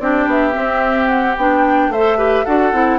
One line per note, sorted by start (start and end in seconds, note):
0.00 0.27 C4
0.00 0.53 D4
0.00 1.92 G4
0.00 0.28 D5
0.27 0.54 B3
0.27 1.08 E5
0.53 1.35 C4
0.53 1.37 C4
1.08 1.36 F#5
1.37 1.89 B3
1.37 1.94 D4
1.37 1.92 G5
1.89 2.43 A3
1.89 2.18 C5
1.89 2.45 E5
1.96 2.18 A4
2.18 2.45 G4
2.18 2.45 B4
2.45 2.73 D4
2.45 2.73 F#4
2.45 2.99 A4
2.45 2.99 F#5
2.73 2.99 C4
2.73 2.99 E4